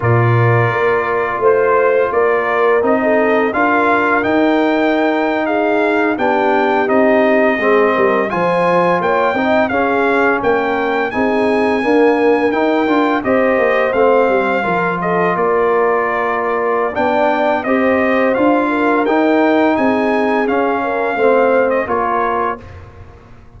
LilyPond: <<
  \new Staff \with { instrumentName = "trumpet" } { \time 4/4 \tempo 4 = 85 d''2 c''4 d''4 | dis''4 f''4 g''4.~ g''16 f''16~ | f''8. g''4 dis''2 gis''16~ | gis''8. g''4 f''4 g''4 gis''16~ |
gis''4.~ gis''16 g''4 dis''4 f''16~ | f''4~ f''16 dis''8 d''2~ d''16 | g''4 dis''4 f''4 g''4 | gis''4 f''4.~ f''16 dis''16 cis''4 | }
  \new Staff \with { instrumentName = "horn" } { \time 4/4 ais'2 c''4 ais'4~ | ais'16 a'8. ais'2~ ais'8. gis'16~ | gis'8. g'2 gis'8 ais'8 c''16~ | c''8. cis''8 dis''8 gis'4 ais'4 gis'16~ |
gis'8. ais'2 c''4~ c''16~ | c''8. ais'8 a'8 ais'2~ ais'16 | d''4 c''4. ais'4. | gis'4. ais'8 c''4 ais'4 | }
  \new Staff \with { instrumentName = "trombone" } { \time 4/4 f'1 | dis'4 f'4 dis'2~ | dis'8. d'4 dis'4 c'4 f'16~ | f'4~ f'16 dis'8 cis'2 dis'16~ |
dis'8. ais4 dis'8 f'8 g'4 c'16~ | c'8. f'2.~ f'16 | d'4 g'4 f'4 dis'4~ | dis'4 cis'4 c'4 f'4 | }
  \new Staff \with { instrumentName = "tuba" } { \time 4/4 ais,4 ais4 a4 ais4 | c'4 d'4 dis'2~ | dis'8. b4 c'4 gis8 g8 f16~ | f8. ais8 c'8 cis'4 ais4 c'16~ |
c'8. d'4 dis'8 d'8 c'8 ais8 a16~ | a16 g8 f4 ais2~ ais16 | b4 c'4 d'4 dis'4 | c'4 cis'4 a4 ais4 | }
>>